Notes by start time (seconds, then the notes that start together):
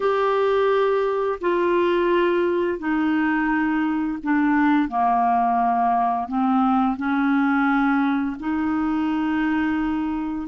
0.00 G4
1.40 F4
2.78 D#4
4.23 D4
4.88 A#3
6.28 C4
6.96 C#4
8.39 D#4